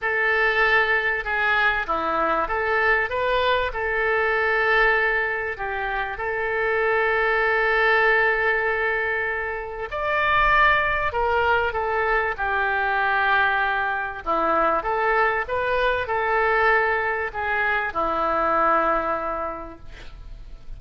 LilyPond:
\new Staff \with { instrumentName = "oboe" } { \time 4/4 \tempo 4 = 97 a'2 gis'4 e'4 | a'4 b'4 a'2~ | a'4 g'4 a'2~ | a'1 |
d''2 ais'4 a'4 | g'2. e'4 | a'4 b'4 a'2 | gis'4 e'2. | }